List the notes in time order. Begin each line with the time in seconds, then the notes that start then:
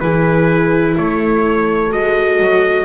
0.00 E3 E4 G#4 B4
0.98 A3 A4 C#5
1.90 G#3 F#4 D#5
2.39 F#3